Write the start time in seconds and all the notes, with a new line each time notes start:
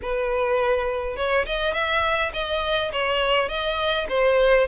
0.02 B4
1.16 C#5
1.46 D#5
1.73 E5
2.33 D#5
2.92 C#5
3.48 D#5
4.09 C5